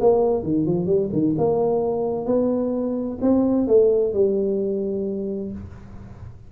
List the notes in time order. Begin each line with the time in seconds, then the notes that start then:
0.00 A#3
0.43 D#3
0.66 F3
0.86 G3
1.12 D#3
1.38 A#3
2.26 B3
3.21 C4
3.67 A3
4.13 G3